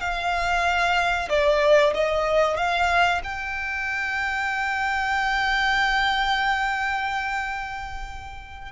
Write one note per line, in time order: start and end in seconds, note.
0.00 1.29 F5
1.29 1.94 D5
1.94 2.57 D#5
2.57 3.21 F5
3.23 8.72 G5